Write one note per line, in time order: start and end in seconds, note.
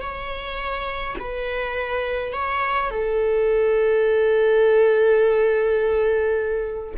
0.00 1.15 C#5
1.19 2.32 B4
2.32 2.90 C#5
2.90 6.94 A4